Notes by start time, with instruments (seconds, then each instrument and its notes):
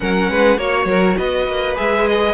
0.00 cello F#3, viola C#4, violin A#4 F#5
0.29 cello G#3, violin B4
0.57 cello A#3, viola F#4, violin C#5
0.85 cello F#3, violin A#4
1.17 cello B3, violin B4 D#5
1.47 cello A#3
1.75 cello G#3, viola G#4, violin E5
2.07 violin D#5